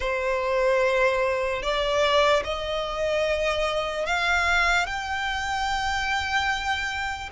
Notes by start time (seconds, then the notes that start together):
0.00 C5
1.62 D5
2.44 D#5
4.06 F5
4.86 G5